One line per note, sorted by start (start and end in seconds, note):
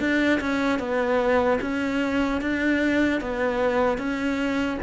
0.00 0.40 D4
0.40 0.79 C#4
0.79 1.59 B3
1.61 2.41 C#4
2.41 3.21 D4
3.21 3.98 B3
3.98 4.78 C#4